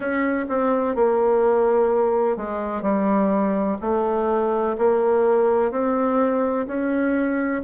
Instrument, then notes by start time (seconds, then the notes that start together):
bassoon
0.00 C#4
0.48 C4
0.95 A#3
2.36 G#3
2.81 G3
3.81 A3
4.77 A#3
5.71 C4
6.67 C#4